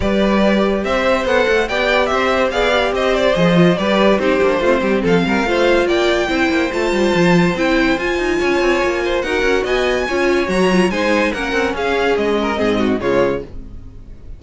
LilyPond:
<<
  \new Staff \with { instrumentName = "violin" } { \time 4/4 \tempo 4 = 143 d''2 e''4 fis''4 | g''4 e''4 f''4 dis''8 d''8 | dis''4 d''4 c''2 | f''2 g''2 |
a''2 g''4 gis''4~ | gis''2 fis''4 gis''4~ | gis''4 ais''4 gis''4 fis''4 | f''4 dis''2 cis''4 | }
  \new Staff \with { instrumentName = "violin" } { \time 4/4 b'2 c''2 | d''4 c''4 d''4 c''4~ | c''4 b'4 g'4 f'8 g'8 | a'8 ais'8 c''4 d''4 c''4~ |
c''1 | cis''4. c''8 ais'4 dis''4 | cis''2 c''4 ais'4 | gis'4. ais'8 gis'8 fis'8 f'4 | }
  \new Staff \with { instrumentName = "viola" } { \time 4/4 g'2. a'4 | g'2 gis'8 g'4. | gis'8 f'8 g'4 dis'8 d'8 c'4~ | c'4 f'2 e'4 |
f'2 e'4 f'4~ | f'2 fis'2 | f'4 fis'8 f'8 dis'4 cis'4~ | cis'2 c'4 gis4 | }
  \new Staff \with { instrumentName = "cello" } { \time 4/4 g2 c'4 b8 a8 | b4 c'4 b4 c'4 | f4 g4 c'8 ais8 a8 g8 | f8 g8 a4 ais4 c'8 ais8 |
a8 g8 f4 c'4 f'8 dis'8 | cis'8 c'8 ais4 dis'8 cis'8 b4 | cis'4 fis4 gis4 ais8 c'8 | cis'4 gis4 gis,4 cis4 | }
>>